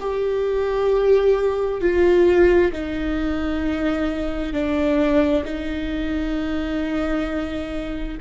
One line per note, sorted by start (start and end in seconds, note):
0.00 1.81 G4
1.81 2.71 F4
2.72 4.53 D#4
4.53 5.44 D4
5.44 8.17 D#4